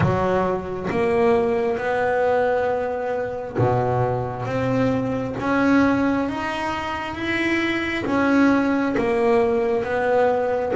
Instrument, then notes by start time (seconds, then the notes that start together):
double bass
0.00 F#3
0.90 A#3
1.77 B3
3.57 B2
4.45 C4
5.39 C#4
6.28 D#4
7.14 E4
8.06 C#4
8.97 A#3
9.83 B3